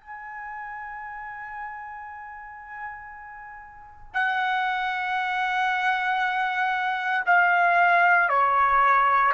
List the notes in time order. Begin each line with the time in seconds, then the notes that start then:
0.00 G#5
4.14 F#5
7.26 F5
8.29 C#5